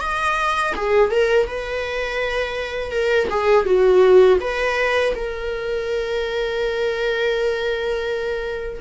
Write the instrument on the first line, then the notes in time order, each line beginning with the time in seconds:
viola
0.00 D#5
0.75 G#4
1.10 A#4
1.47 B4
2.91 A#4
3.30 G#4
3.65 F#4
4.40 B4
5.15 A#4